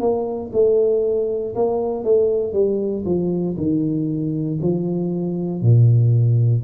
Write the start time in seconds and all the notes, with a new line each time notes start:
0.00 A#3
0.53 A3
1.55 A#3
2.04 A3
2.53 G3
3.05 F3
3.57 D#3
4.62 F3
5.62 A#2